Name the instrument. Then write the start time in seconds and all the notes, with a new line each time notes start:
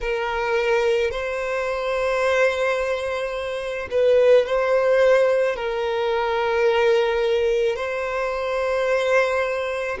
violin
0.01 A#4
1.11 C5
3.90 B4
4.45 C5
5.56 A#4
7.75 C5